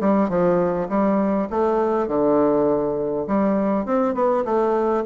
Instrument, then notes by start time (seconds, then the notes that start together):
bassoon
0.00 G3
0.29 F3
0.89 G3
1.50 A3
2.07 D3
3.27 G3
3.85 C4
4.14 B3
4.44 A3